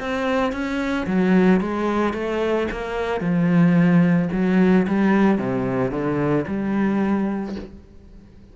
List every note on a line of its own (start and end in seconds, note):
0.00 0.52 C4
0.52 1.06 C#4
1.07 1.61 F#3
1.61 2.14 G#3
2.14 2.68 A3
2.71 3.21 A#3
3.21 4.29 F3
4.32 4.86 F#3
4.88 5.38 G3
5.38 5.91 C3
5.91 6.45 D3
6.47 7.56 G3